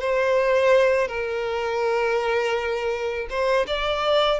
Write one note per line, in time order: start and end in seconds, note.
0.00 1.08 C5
1.08 3.27 A#4
3.30 3.66 C5
3.67 4.40 D5